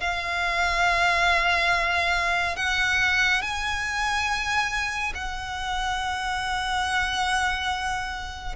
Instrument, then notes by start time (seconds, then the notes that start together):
violin
0.00 F5
2.56 F#5
3.41 G#5
5.14 F#5